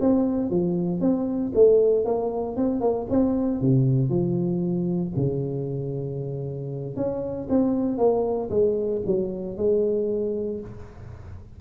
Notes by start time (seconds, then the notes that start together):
0.00 C4
0.50 F3
1.00 C4
1.54 A3
2.05 A#3
2.56 C4
2.80 A#3
3.10 C4
3.60 C3
4.09 F3
5.16 C#3
6.96 C#4
7.49 C4
7.97 A#3
8.50 G#3
9.06 F#3
9.57 G#3